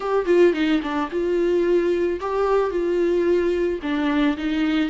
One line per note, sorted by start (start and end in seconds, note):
0.00 0.25 G4
0.25 0.53 F4
0.53 0.80 D#4
0.82 1.09 D4
1.11 2.20 F4
2.20 2.70 G4
2.70 3.79 F4
3.82 4.37 D4
4.37 4.89 D#4